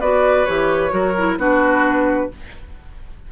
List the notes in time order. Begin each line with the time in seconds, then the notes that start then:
0.00 B3 F#4 B4 D5
0.45 E3 G4 C#5
0.90 F#3 F#4 A#4
1.17 E4
1.37 B3 D4 F#4 B4